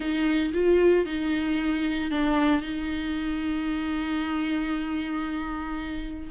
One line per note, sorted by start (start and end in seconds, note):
0.00 0.52 D#4
0.53 1.05 F4
1.05 2.10 D#4
2.10 2.61 D4
2.61 6.29 D#4